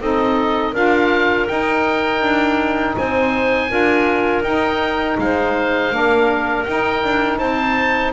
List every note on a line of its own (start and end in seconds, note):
0.00 0.74 C4
0.00 0.74 D#4
0.00 0.72 A4
0.00 0.75 D#5
0.72 1.48 D4
0.72 1.47 F4
0.72 2.95 A#4
0.72 1.48 F5
1.47 3.69 D#4
1.47 2.21 D#4
1.47 2.96 G5
2.21 2.96 D4
2.97 3.71 C4
2.97 3.71 C5
2.97 4.43 G#5
3.69 4.43 D4
3.69 4.43 F4
3.69 5.19 A#4
4.43 5.17 D#4
4.43 5.92 D#4
4.43 5.17 G5
5.18 5.92 G#3
5.18 5.95 C5
5.18 6.64 F5
5.92 6.66 A#3
5.92 6.66 D4
5.92 7.39 A#4
6.64 8.13 D#4
6.64 7.04 D#4
6.64 7.38 G5
7.04 7.39 D4
7.38 8.13 C4
7.38 8.13 C5
7.38 8.12 A5